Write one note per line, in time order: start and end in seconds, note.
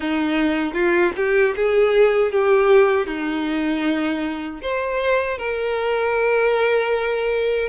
0.00 0.73 D#4
0.73 1.12 F4
1.16 1.54 G4
1.56 2.31 G#4
2.31 3.07 G4
3.07 4.60 D#4
4.62 5.37 C5
5.37 7.68 A#4